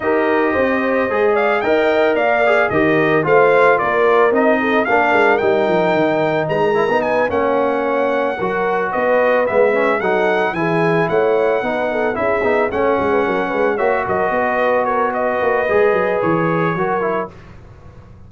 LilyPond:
<<
  \new Staff \with { instrumentName = "trumpet" } { \time 4/4 \tempo 4 = 111 dis''2~ dis''8 f''8 g''4 | f''4 dis''4 f''4 d''4 | dis''4 f''4 g''2 | ais''4 gis''8 fis''2~ fis''8~ |
fis''8 dis''4 e''4 fis''4 gis''8~ | gis''8 fis''2 e''4 fis''8~ | fis''4. e''8 dis''4. cis''8 | dis''2 cis''2 | }
  \new Staff \with { instrumentName = "horn" } { \time 4/4 ais'4 c''4. d''8 dis''4 | d''4 ais'4 c''4 ais'4~ | ais'8 a'8 ais'2. | b'16 ais'8. b'8 cis''2 ais'8~ |
ais'8 b'2 a'4 gis'8~ | gis'8 cis''4 b'8 a'8 gis'4 cis''8~ | cis''16 b'16 ais'8 b'8 cis''8 ais'8 b'4 ais'8 | b'2. ais'4 | }
  \new Staff \with { instrumentName = "trombone" } { \time 4/4 g'2 gis'4 ais'4~ | ais'8 gis'8 g'4 f'2 | dis'4 d'4 dis'2~ | dis'8 e'16 dis'8. cis'2 fis'8~ |
fis'4. b8 cis'8 dis'4 e'8~ | e'4. dis'4 e'8 dis'8 cis'8~ | cis'4. fis'2~ fis'8~ | fis'4 gis'2 fis'8 e'8 | }
  \new Staff \with { instrumentName = "tuba" } { \time 4/4 dis'4 c'4 gis4 dis'4 | ais4 dis4 a4 ais4 | c'4 ais8 gis8 g8 f8 dis4 | gis8. b8. ais2 fis8~ |
fis8 b4 gis4 fis4 e8~ | e8 a4 b4 cis'8 b8 a8 | gis8 fis8 gis8 ais8 fis8 b4.~ | b8 ais8 gis8 fis8 e4 fis4 | }
>>